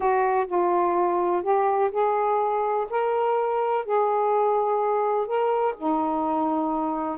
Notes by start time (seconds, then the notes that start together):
0.00 F#4
0.47 F4
1.42 G4
1.91 G#4
2.90 A#4
3.85 G#4
5.26 A#4
5.77 D#4